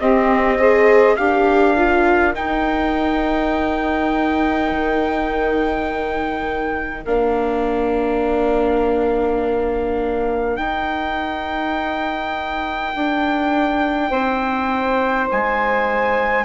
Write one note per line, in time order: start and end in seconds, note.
0.00 1.18 C4
0.00 0.58 C4
0.00 0.58 G4
0.00 1.16 D#5
0.58 1.17 G#4
0.58 1.17 C5
1.16 2.36 D4
1.16 1.76 G4
1.16 14.10 A#4
1.16 2.34 F5
1.76 2.34 F4
2.34 7.04 D#4
2.34 4.71 D#4
2.34 7.05 G5
4.71 7.05 D#3
7.05 10.58 A#3
7.05 10.59 D4
7.05 10.57 F5
10.57 12.93 D#4
10.57 16.44 D#4
10.57 15.27 G5
12.95 14.10 D4
14.10 15.28 C4
14.10 16.44 C5
15.31 16.44 G#3
15.31 16.44 G#5